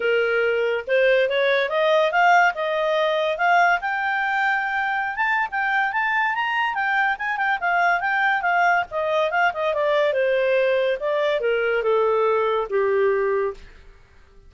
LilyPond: \new Staff \with { instrumentName = "clarinet" } { \time 4/4 \tempo 4 = 142 ais'2 c''4 cis''4 | dis''4 f''4 dis''2 | f''4 g''2.~ | g''16 a''8. g''4 a''4 ais''4 |
g''4 gis''8 g''8 f''4 g''4 | f''4 dis''4 f''8 dis''8 d''4 | c''2 d''4 ais'4 | a'2 g'2 | }